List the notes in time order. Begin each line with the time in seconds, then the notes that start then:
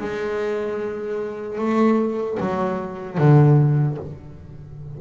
0.00 G#3
1.58 A3
2.40 F#3
3.17 D3